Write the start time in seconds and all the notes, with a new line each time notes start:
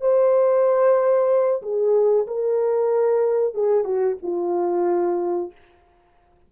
0.00 C5
1.62 G#4
2.26 A#4
3.54 G#4
3.84 F#4
4.22 F4